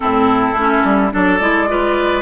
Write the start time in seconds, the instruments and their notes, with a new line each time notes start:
0.00 bassoon A2, clarinet C4, oboe E4, flute A4
0.54 bassoon A3, clarinet C#4
0.84 bassoon G3
1.11 bassoon F#3, clarinet D4, oboe A4, flute D5
1.40 bassoon G#3, clarinet E4
1.68 clarinet F4, oboe B4